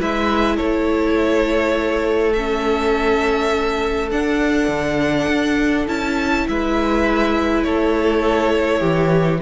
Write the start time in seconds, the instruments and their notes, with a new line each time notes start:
0.00 cello G#3, viola E4, violin B4 E5
0.57 cello A3, violin A4 C#5
2.33 viola C#4, violin E5
4.12 viola D4, cello D4, violin F#5
4.69 cello D3
5.28 cello D4
5.88 cello C#4, viola E4, violin A5
6.49 cello G#3, violin B4 E5
7.64 cello A3, violin A4 C#5
8.80 cello E3, violin G4